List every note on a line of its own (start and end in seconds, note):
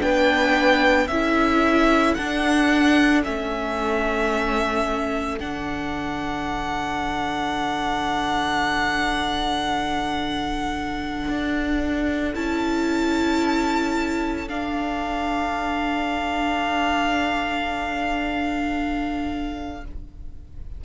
0.00 1.09 B3
0.00 1.07 D4
0.00 1.08 B4
0.00 1.08 G5
1.08 2.16 C#4
1.08 2.19 E4
1.08 19.83 A4
1.08 2.15 E5
2.15 3.24 D4
2.15 3.26 D4
2.15 3.22 F#5
3.24 5.40 A3
3.24 5.39 C#4
3.24 5.39 E5
5.40 11.28 D3
5.40 12.35 D4
5.40 12.35 F#5
11.28 12.35 D4
12.35 14.49 C#4
12.35 14.48 E4
12.35 14.49 A5
14.48 19.84 D4
14.48 19.85 D4
14.48 19.85 F5